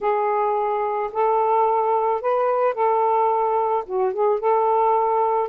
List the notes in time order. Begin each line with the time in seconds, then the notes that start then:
0.00 G#4
1.12 A4
2.21 B4
2.74 A4
3.86 F#4
4.13 G#4
4.39 A4